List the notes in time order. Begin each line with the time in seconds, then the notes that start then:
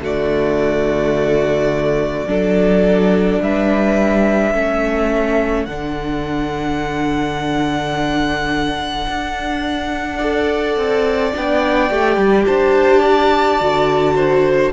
0.00 D3 A3 F#4 D5
2.26 F#3 D4 A4
3.40 G3 B4 E5
4.53 A3 C#4 A4
5.65 D3 D4 F#5
9.07 D4
10.18 A4 D5
10.77 C4
11.33 B3 D4 G5
11.90 A3 G4
12.17 G3
12.46 D4 C5 A5
13.00 D5
13.59 D3 F#4
14.15 C5